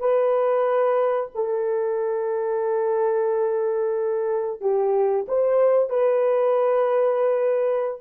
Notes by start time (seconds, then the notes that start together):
0.00 B4
1.35 A4
4.61 G4
5.29 C5
5.90 B4